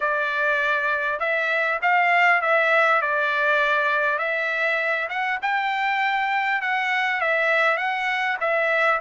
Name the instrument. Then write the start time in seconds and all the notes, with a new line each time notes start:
trumpet
0.00 D5
1.19 E5
1.81 F5
2.41 E5
3.01 D5
4.18 E5
5.09 F#5
5.41 G5
6.61 F#5
7.20 E5
7.77 F#5
8.40 E5